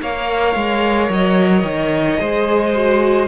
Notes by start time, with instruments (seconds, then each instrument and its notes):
0.00 cello A#3, viola A#4, violin C#5 F5
0.56 cello G#3
1.10 cello F#3, violin D#5
1.64 cello D#3
2.18 cello G#3, viola G#4, violin C5
2.76 viola F#4